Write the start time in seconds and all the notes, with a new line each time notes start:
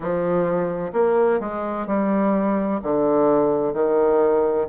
0.00 F3
0.92 A#3
1.40 G#3
1.86 G3
2.82 D3
3.73 D#3